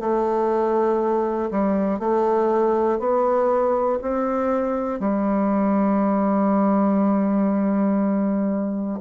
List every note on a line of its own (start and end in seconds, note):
0.00 1.50 A3
1.51 2.00 G3
2.00 2.99 A3
2.99 3.99 B3
4.01 5.00 C4
5.00 9.00 G3